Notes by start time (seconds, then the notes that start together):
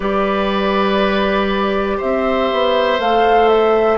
0.00 G3 G4 B4 D5
1.97 C4 C5 E5
2.51 B3
2.99 A3 A4 F5
3.48 E5